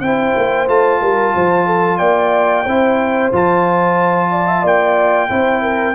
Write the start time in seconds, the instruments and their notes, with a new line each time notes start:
0.00 tuba C4, trombone E4, horn C5, trumpet G5
0.36 tuba A#3
0.67 tuba A3, trombone F4, trumpet A5
1.01 tuba G3, horn A#4
1.34 tuba F3, horn C5
1.66 horn A4
1.98 tuba A#3, horn D5, trumpet G5
2.64 tuba C4, trombone E4, horn C5
3.32 tuba F3, trombone F4, trumpet A5
4.31 horn D5
4.47 horn E5
4.62 tuba A#3, horn D5, trumpet G5
5.29 tuba C4, trombone E4, horn C5
5.62 horn A#4